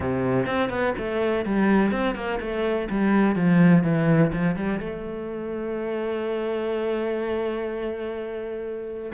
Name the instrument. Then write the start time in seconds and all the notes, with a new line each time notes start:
cello
0.00 C3
0.46 C4
0.69 B3
0.98 A3
1.45 G3
1.91 C4
2.15 A#3
2.40 A3
2.90 G3
3.35 F3
3.83 E3
4.32 F3
4.56 G3
4.80 A3